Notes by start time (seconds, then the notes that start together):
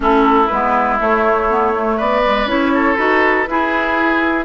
0.00 A3 C#4 E4 A4
0.47 G#3 B3 B4
0.99 A3 C#5
1.49 B3
1.73 A3
1.97 B3 B4 D5
2.24 G#3
2.45 C#4 E4 C#5
2.74 A4
2.95 D#4 F#4 B4
3.47 E4 G#4